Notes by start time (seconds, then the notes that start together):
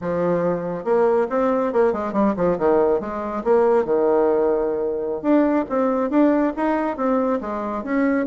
0.01 F3
0.84 A#3
1.29 C4
1.72 A#3
1.93 G#3
2.12 G3
2.36 F3
2.58 D#3
3.00 G#3
3.43 A#3
3.85 D#3
5.22 D4
5.69 C4
6.10 D4
6.56 D#4
6.96 C4
7.40 G#3
7.83 C#4